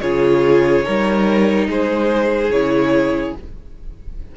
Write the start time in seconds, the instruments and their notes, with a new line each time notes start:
0.00 cello C#3, viola F4, violin G#4 C#5
0.84 cello G3, viola D#4, violin A#4
1.67 cello G#3, violin G#4 C5
2.49 cello C#3, viola E4, violin C#5